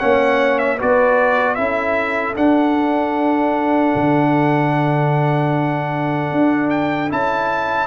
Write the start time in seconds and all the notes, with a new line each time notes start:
0.00 A#3 C#4 C#5 F#5
0.59 E5
0.77 B3 F#4 B4 D5
1.55 C#4 E4 A4 E5
2.37 D4 F#5
3.96 D3
6.32 D4
6.71 G5
7.10 C#4 E4 A5